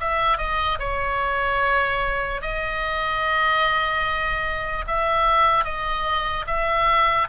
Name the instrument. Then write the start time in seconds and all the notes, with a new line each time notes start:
oboe
0.00 E5
0.38 D#5
0.79 C#5
2.41 D#5
4.87 E5
5.64 D#5
6.46 E5